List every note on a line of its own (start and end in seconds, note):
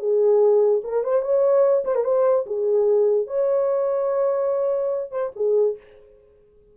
0.00 0.82 G#4
0.84 1.04 A#4
1.04 1.23 C5
1.23 1.84 C#5
1.85 1.95 C5
1.95 2.05 A#4
2.05 2.46 C5
2.47 3.27 G#4
3.27 5.11 C#5
5.11 5.32 C5
5.36 5.77 G#4